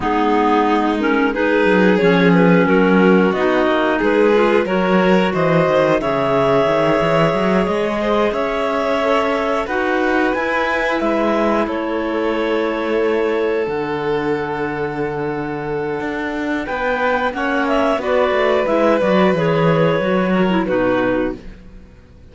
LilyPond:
<<
  \new Staff \with { instrumentName = "clarinet" } { \time 4/4 \tempo 4 = 90 gis'4. ais'8 b'4 cis''8 b'8 | ais'4 dis''4 b'4 cis''4 | dis''4 e''2~ e''8 dis''8~ | dis''8 e''2 fis''4 gis''8~ |
gis''8 e''4 cis''2~ cis''8~ | cis''8 fis''2.~ fis''8~ | fis''4 g''4 fis''8 e''8 d''4 | e''8 d''8 cis''2 b'4 | }
  \new Staff \with { instrumentName = "violin" } { \time 4/4 dis'2 gis'2 | fis'2 gis'4 ais'4 | c''4 cis''2. | c''8 cis''2 b'4.~ |
b'4. a'2~ a'8~ | a'1~ | a'4 b'4 cis''4 b'4~ | b'2~ b'8 ais'8 fis'4 | }
  \new Staff \with { instrumentName = "clarinet" } { \time 4/4 b4. cis'8 dis'4 cis'4~ | cis'4 dis'4. f'8 fis'4~ | fis'4 gis'2.~ | gis'4. a'4 fis'4 e'8~ |
e'1~ | e'8 d'2.~ d'8~ | d'2 cis'4 fis'4 | e'8 fis'8 gis'4 fis'8. e'16 dis'4 | }
  \new Staff \with { instrumentName = "cello" } { \time 4/4 gis2~ gis8 fis8 f4 | fis4 b8 ais8 gis4 fis4 | e8 dis8 cis4 dis8 e8 fis8 gis8~ | gis8 cis'2 dis'4 e'8~ |
e'8 gis4 a2~ a8~ | a8 d2.~ d8 | d'4 b4 ais4 b8 a8 | gis8 fis8 e4 fis4 b,4 | }
>>